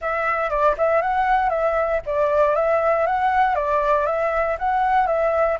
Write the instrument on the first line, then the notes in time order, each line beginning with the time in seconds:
flute
0.01 E5
0.49 D5
0.77 E5
1.01 F#5
1.49 E5
2.06 D5
2.55 E5
3.06 F#5
3.55 D5
4.06 E5
4.58 F#5
5.07 E5